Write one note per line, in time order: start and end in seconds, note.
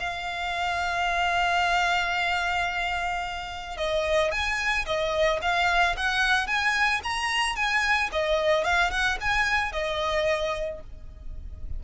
0.00 3.77 F5
3.77 4.31 D#5
4.31 4.86 G#5
4.86 5.40 D#5
5.42 5.96 F5
5.97 6.47 F#5
6.47 7.01 G#5
7.04 7.56 A#5
7.56 8.10 G#5
8.13 8.64 D#5
8.64 8.91 F5
8.91 9.18 F#5
9.21 9.72 G#5
9.72 10.81 D#5